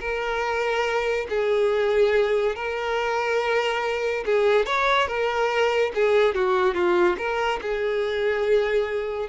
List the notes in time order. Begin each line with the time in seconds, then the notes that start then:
0.00 A#4
1.29 G#4
2.55 A#4
4.25 G#4
4.66 C#5
5.07 A#4
5.95 G#4
6.34 F#4
6.74 F4
7.18 A#4
7.62 G#4